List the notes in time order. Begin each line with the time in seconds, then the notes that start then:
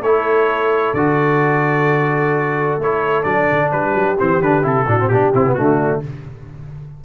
0.00 A3 E4 A4 C#5
0.94 D3 F#4 D5
2.78 A3 E4 C#5
3.23 F#3 D4 D5
3.52 D3
3.72 G3 G4 B4
3.94 F#3
4.19 E3 C4 C5
4.42 D3 D4 B4
4.63 C3 E4 A4
4.87 A2 D4 F#4
5.00 C4
5.08 B2 D4 G4
5.34 C3 C4 E4
5.46 B3
5.54 D3 A3 D4 F#4